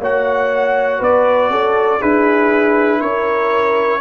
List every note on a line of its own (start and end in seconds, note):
0.00 1.00 A#3
0.00 2.00 F#4
0.00 0.99 C#5
0.00 1.03 F#5
0.99 1.50 B3
0.99 1.49 B4
0.99 2.02 D5
1.50 2.00 C#4
1.50 1.99 A4
1.99 3.01 D4
1.99 4.00 E4
1.99 2.99 G#4
1.99 3.01 B4
3.01 4.00 C#4
3.01 4.00 A#4
3.01 4.00 C#5